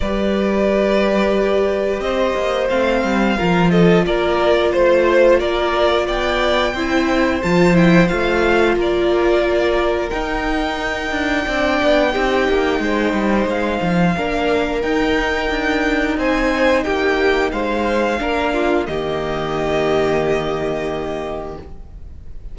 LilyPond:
<<
  \new Staff \with { instrumentName = "violin" } { \time 4/4 \tempo 4 = 89 d''2. dis''4 | f''4. dis''8 d''4 c''4 | d''4 g''2 a''8 g''8 | f''4 d''2 g''4~ |
g''1 | f''2 g''2 | gis''4 g''4 f''2 | dis''1 | }
  \new Staff \with { instrumentName = "violin" } { \time 4/4 b'2. c''4~ | c''4 ais'8 a'8 ais'4 c''4 | ais'4 d''4 c''2~ | c''4 ais'2.~ |
ais'4 d''4 g'4 c''4~ | c''4 ais'2. | c''4 g'4 c''4 ais'8 f'8 | g'1 | }
  \new Staff \with { instrumentName = "viola" } { \time 4/4 g'1 | c'4 f'2.~ | f'2 e'4 f'8 e'8 | f'2. dis'4~ |
dis'4 d'4 dis'2~ | dis'4 d'4 dis'2~ | dis'2. d'4 | ais1 | }
  \new Staff \with { instrumentName = "cello" } { \time 4/4 g2. c'8 ais8 | a8 g8 f4 ais4 a4 | ais4 b4 c'4 f4 | a4 ais2 dis'4~ |
dis'8 d'8 c'8 b8 c'8 ais8 gis8 g8 | gis8 f8 ais4 dis'4 d'4 | c'4 ais4 gis4 ais4 | dis1 | }
>>